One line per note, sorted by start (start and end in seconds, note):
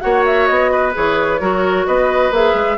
0.00 0.49 A#3
0.00 0.92 F#4
0.00 0.71 C#5
0.00 0.23 F#5
0.25 0.47 E5
0.47 0.95 B3
0.47 0.93 D#5
0.71 1.40 B4
0.93 1.40 E3
0.93 1.39 G#4
0.93 1.86 C#5
1.40 1.87 F#3
1.40 2.32 F#4
1.40 1.87 A#4
1.86 2.30 B3
1.86 2.77 B4
1.86 2.32 D#5
2.30 2.54 A#3
2.30 2.77 G#4
2.30 2.77 E5
2.54 2.77 G#3